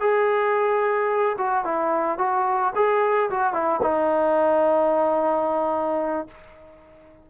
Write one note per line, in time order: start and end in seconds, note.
0.00 1.36 G#4
1.38 1.64 F#4
1.64 2.18 E4
2.18 2.73 F#4
2.75 3.30 G#4
3.30 3.53 F#4
3.53 3.81 E4
3.82 6.28 D#4